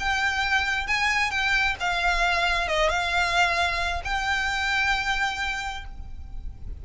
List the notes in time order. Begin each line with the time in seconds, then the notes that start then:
0.00 G5
0.87 G#5
1.31 G5
1.80 F5
2.68 D#5
2.90 F5
4.05 G5